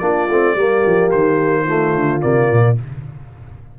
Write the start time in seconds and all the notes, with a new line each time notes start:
0.00 A#3 D4 F4 D5
0.29 A3 C4
0.56 G3 A#3 G4
0.86 F3
1.11 D#3 C5
1.64 A3 F4
1.96 D3
2.21 C3 A#3 D5
2.51 A#2